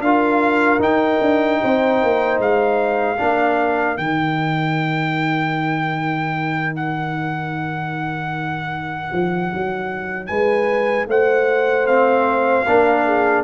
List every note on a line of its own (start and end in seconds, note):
0.00 0.79 D4
0.00 0.80 F4
0.00 1.62 A#4
0.00 0.81 F5
0.79 1.19 D#4
0.79 3.17 D#4
0.79 2.41 G5
1.21 1.61 D4
1.62 2.04 C4
1.62 3.19 C5
2.04 2.39 A#3
2.39 3.18 G#3
2.39 3.98 F5
3.18 3.98 A#3
3.18 3.97 D4
3.18 10.29 A#4
3.97 9.12 D#3
3.97 11.86 D#4
3.97 6.74 G5
6.76 10.27 F#5
9.12 9.52 F3
9.53 10.30 F#3
10.27 11.07 G#3
10.27 11.08 B4
10.27 11.06 G#5
11.07 12.65 A3
11.07 12.67 C5
11.07 11.87 F#5
11.87 12.66 C4
11.87 13.45 F5
12.67 13.45 A#3
12.67 13.45 D4
12.67 13.06 A#4
13.06 13.45 G#4